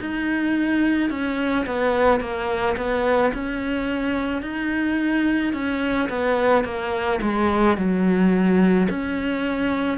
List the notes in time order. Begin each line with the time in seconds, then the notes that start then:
0.00 D#4
1.10 C#4
1.66 B3
2.21 A#3
2.77 B3
3.33 C#4
4.42 D#4
5.53 C#4
6.09 B3
6.65 A#3
7.22 G#3
7.77 F#3
8.89 C#4